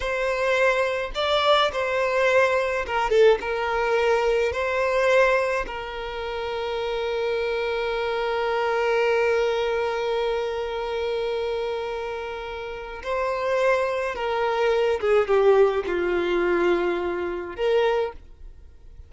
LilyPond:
\new Staff \with { instrumentName = "violin" } { \time 4/4 \tempo 4 = 106 c''2 d''4 c''4~ | c''4 ais'8 a'8 ais'2 | c''2 ais'2~ | ais'1~ |
ais'1~ | ais'2. c''4~ | c''4 ais'4. gis'8 g'4 | f'2. ais'4 | }